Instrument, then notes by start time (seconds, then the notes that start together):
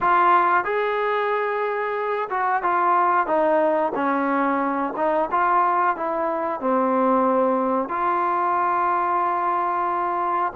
trombone
0.00 F4
0.64 G#4
2.29 F#4
2.63 F4
3.26 D#4
3.94 C#4
4.96 D#4
5.31 F4
5.96 E4
6.60 C4
7.89 F4